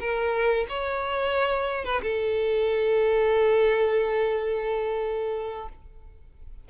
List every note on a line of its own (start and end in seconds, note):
0.00 0.67 A#4
0.69 1.85 C#5
1.85 2.02 B4
2.02 5.69 A4